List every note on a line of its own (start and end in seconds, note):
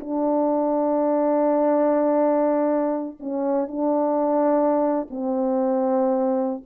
0.00 3.18 D4
3.20 3.68 C#4
3.68 5.08 D4
5.10 6.62 C4